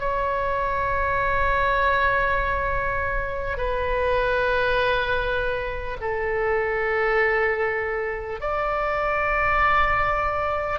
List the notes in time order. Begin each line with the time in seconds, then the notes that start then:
0.00 C#5
3.58 B4
6.01 A4
8.41 D5